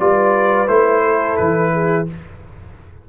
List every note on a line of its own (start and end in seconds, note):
0.00 0.68 G3
0.00 0.68 F4
0.00 1.04 B4
0.00 0.68 D5
0.68 1.38 A3
0.68 2.08 E4
0.68 1.37 C5
1.04 1.73 A4
1.37 2.09 E3
1.37 2.07 B4
1.73 2.08 G#4